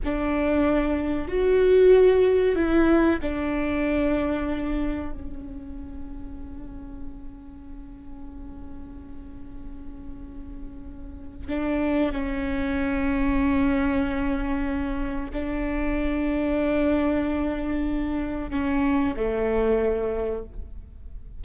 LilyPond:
\new Staff \with { instrumentName = "viola" } { \time 4/4 \tempo 4 = 94 d'2 fis'2 | e'4 d'2. | cis'1~ | cis'1~ |
cis'2 d'4 cis'4~ | cis'1 | d'1~ | d'4 cis'4 a2 | }